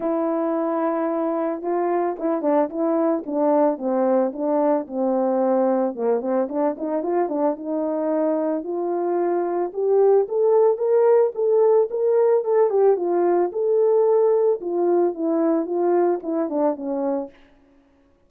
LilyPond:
\new Staff \with { instrumentName = "horn" } { \time 4/4 \tempo 4 = 111 e'2. f'4 | e'8 d'8 e'4 d'4 c'4 | d'4 c'2 ais8 c'8 | d'8 dis'8 f'8 d'8 dis'2 |
f'2 g'4 a'4 | ais'4 a'4 ais'4 a'8 g'8 | f'4 a'2 f'4 | e'4 f'4 e'8 d'8 cis'4 | }